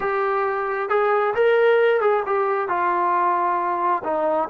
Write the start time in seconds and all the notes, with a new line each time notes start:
0.00 G4
0.89 G#4
1.34 A#4
2.00 G#4
2.26 G4
2.68 F4
4.03 D#4